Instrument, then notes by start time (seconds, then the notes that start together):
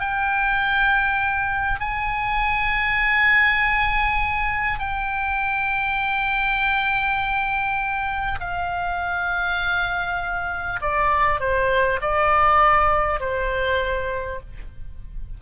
oboe
0.00 G5
1.80 G#5
4.79 G5
8.39 F5
10.81 D5
11.39 C5
12.01 D5
13.20 C5